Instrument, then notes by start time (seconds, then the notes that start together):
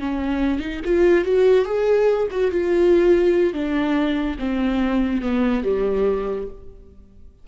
viola
0.00 C#4
0.60 D#4
0.85 F4
1.25 F#4
1.66 G#4
2.31 F#4
2.52 F4
3.54 D4
4.39 C4
5.22 B3
5.64 G3